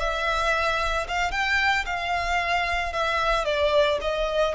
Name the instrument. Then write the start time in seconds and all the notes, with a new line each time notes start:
violin
0.00 E5
1.09 F5
1.32 G5
1.86 F5
2.93 E5
3.45 D5
4.02 D#5